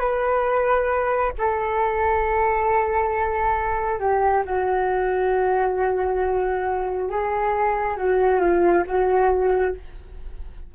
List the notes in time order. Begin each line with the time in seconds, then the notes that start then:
0.00 B4
1.38 A4
4.00 G4
4.45 F#4
7.10 G#4
7.97 F#4
8.40 F4
8.87 F#4